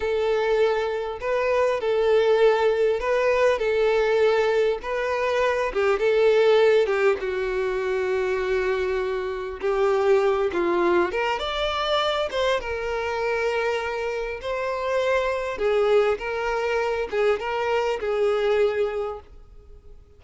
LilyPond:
\new Staff \with { instrumentName = "violin" } { \time 4/4 \tempo 4 = 100 a'2 b'4 a'4~ | a'4 b'4 a'2 | b'4. g'8 a'4. g'8 | fis'1 |
g'4. f'4 ais'8 d''4~ | d''8 c''8 ais'2. | c''2 gis'4 ais'4~ | ais'8 gis'8 ais'4 gis'2 | }